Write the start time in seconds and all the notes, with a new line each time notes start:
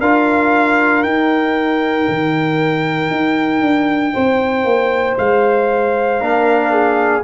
0.00 D4 F4 A#4 F5
1.03 D#4 G5
2.08 D#3
3.10 D#4
3.61 D4
4.13 C4 C5
4.64 A#3
5.17 G#3 F5
6.20 A#3 D4 A#4
6.72 G#4